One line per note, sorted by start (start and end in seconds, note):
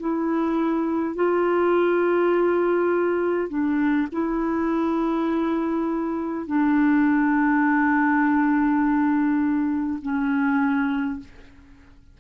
0.00 1.16 E4
1.16 3.49 F4
3.49 4.08 D4
4.12 6.47 E4
6.47 10.00 D4
10.03 11.20 C#4